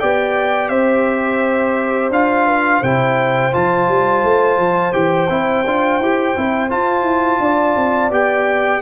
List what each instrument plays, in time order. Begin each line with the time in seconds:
0.00 tuba B3, trombone G4, horn D5, trumpet G5
0.69 tuba C4, horn C5, trumpet E5
2.10 tuba D4, trombone F4, trumpet F5
2.46 horn B4
2.81 tuba C3, trombone E4, horn C5, trumpet G5
3.53 tuba F3, trombone F4, trumpet A5
3.88 tuba G3
4.24 tuba A3
4.57 tuba F3
4.93 tuba E3, trombone G4, trumpet G5
5.30 tuba C4, trombone E4
5.66 tuba D4, trombone F4
6.00 tuba E4, trombone G4
6.37 tuba C4, trombone E4
6.70 trombone F4, tuba F4, trumpet A5
7.03 tuba E4
7.40 tuba D4, horn D5
7.76 tuba C4
8.11 tuba B3, trombone G4, trumpet G5